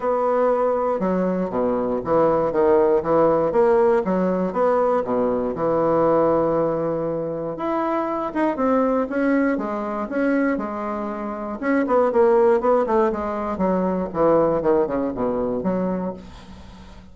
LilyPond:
\new Staff \with { instrumentName = "bassoon" } { \time 4/4 \tempo 4 = 119 b2 fis4 b,4 | e4 dis4 e4 ais4 | fis4 b4 b,4 e4~ | e2. e'4~ |
e'8 dis'8 c'4 cis'4 gis4 | cis'4 gis2 cis'8 b8 | ais4 b8 a8 gis4 fis4 | e4 dis8 cis8 b,4 fis4 | }